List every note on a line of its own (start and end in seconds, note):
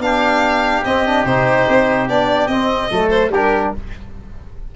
0.00 0.82 B3
0.00 0.84 D4
0.00 0.84 F5
0.06 2.90 G4
0.85 1.25 C4
0.85 1.06 C4
0.85 1.26 D#5
1.06 1.27 D4
1.25 1.67 C3
1.25 2.09 D#4
1.25 2.08 C5
1.69 2.09 C4
2.09 2.48 B3
2.09 2.50 D4
2.09 2.48 D5
2.48 2.89 C4
2.48 2.91 C4
2.48 3.10 D#5
2.90 3.29 F#3
2.90 3.33 A3
2.90 3.32 A4
3.10 3.30 C5
3.29 3.70 G3
3.29 3.73 G4
3.29 3.76 A#4
3.35 3.76 D4